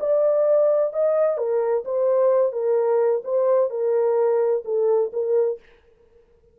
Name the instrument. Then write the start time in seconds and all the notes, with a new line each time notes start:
horn
0.00 D5
0.93 D#5
1.38 A#4
1.85 C5
2.52 A#4
3.24 C5
3.70 A#4
4.64 A4
5.13 A#4